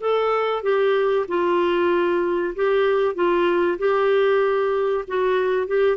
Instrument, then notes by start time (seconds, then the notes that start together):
clarinet
0.00 A4
0.63 G4
1.28 F4
2.55 G4
3.14 F4
3.78 G4
5.07 F#4
5.67 G4